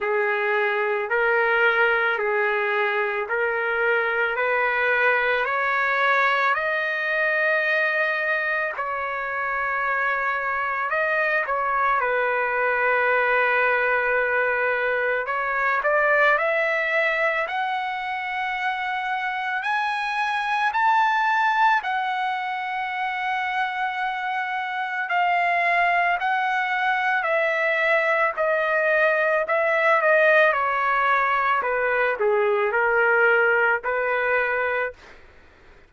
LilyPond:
\new Staff \with { instrumentName = "trumpet" } { \time 4/4 \tempo 4 = 55 gis'4 ais'4 gis'4 ais'4 | b'4 cis''4 dis''2 | cis''2 dis''8 cis''8 b'4~ | b'2 cis''8 d''8 e''4 |
fis''2 gis''4 a''4 | fis''2. f''4 | fis''4 e''4 dis''4 e''8 dis''8 | cis''4 b'8 gis'8 ais'4 b'4 | }